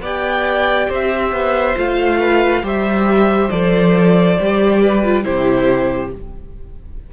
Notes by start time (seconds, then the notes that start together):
0.00 B3 G4 D5 G5
0.88 C4 C5 E5
1.32 B3
1.76 A3 F4 F5
2.19 B4
2.62 G3 G4 C5 E5
3.49 F3 A4 D5
4.39 G3 G4
4.81 B4
5.04 F4
5.23 C3 E4 G4 C5